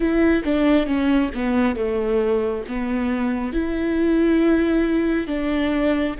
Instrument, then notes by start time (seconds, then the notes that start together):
viola
0.00 E4
0.44 D4
0.86 C#4
1.34 B3
1.75 A3
2.68 B3
3.52 E4
5.27 D4